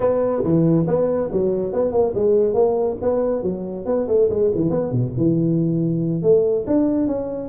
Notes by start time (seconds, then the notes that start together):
0.00 B3
0.43 E3
0.87 B3
1.31 F#3
1.72 B3
1.91 A#3
2.14 G#3
2.54 A#3
3.01 B3
3.42 F#3
3.85 B3
4.07 A3
4.29 G#3
4.54 E3
4.70 B3
4.91 B2
5.17 E3
6.22 A3
6.66 D4
7.07 C#4